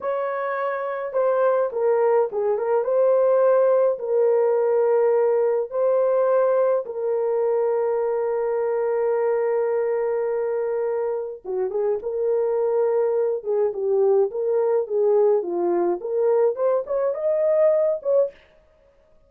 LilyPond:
\new Staff \with { instrumentName = "horn" } { \time 4/4 \tempo 4 = 105 cis''2 c''4 ais'4 | gis'8 ais'8 c''2 ais'4~ | ais'2 c''2 | ais'1~ |
ais'1 | fis'8 gis'8 ais'2~ ais'8 gis'8 | g'4 ais'4 gis'4 f'4 | ais'4 c''8 cis''8 dis''4. cis''8 | }